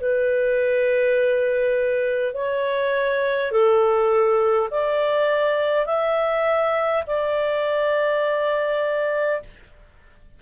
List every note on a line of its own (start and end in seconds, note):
0.00 2.34 B4
2.34 3.51 C#5
3.51 4.69 A4
4.71 5.86 D5
5.86 7.03 E5
7.07 9.42 D5